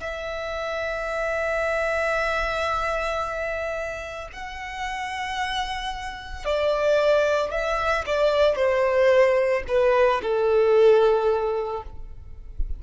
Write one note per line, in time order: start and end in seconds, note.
0.00 4.29 E5
4.32 6.45 F#5
6.45 7.51 D5
7.51 8.05 E5
8.06 8.56 D5
8.56 9.63 C5
9.68 10.21 B4
10.22 11.83 A4